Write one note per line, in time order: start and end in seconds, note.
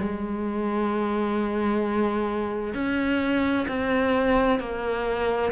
0.00 2.74 G#3
2.74 3.67 C#4
3.68 4.60 C4
4.60 5.53 A#3